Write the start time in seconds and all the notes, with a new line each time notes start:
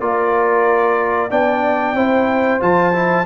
0.00 A#3 F4 A#4 D5
1.30 B3 D4 D5 G5
1.93 C4 E4 C5
2.60 F3 F4 A5
2.93 E4